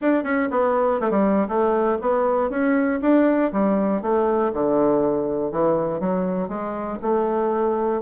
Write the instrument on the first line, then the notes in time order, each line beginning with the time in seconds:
bassoon
0.01 D4
0.23 C#4
0.50 B3
1.00 A3
1.10 G3
1.47 A3
2.01 B3
2.50 C#4
3.01 D4
3.52 G3
4.02 A3
4.52 D3
5.51 E3
6.00 F#3
6.48 G#3
7.02 A3